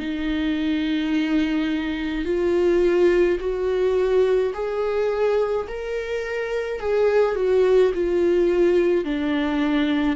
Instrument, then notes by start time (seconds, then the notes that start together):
viola
0.00 D#4
2.25 F4
3.40 F#4
4.54 G#4
5.68 A#4
6.80 G#4
7.36 F#4
7.95 F4
9.05 D4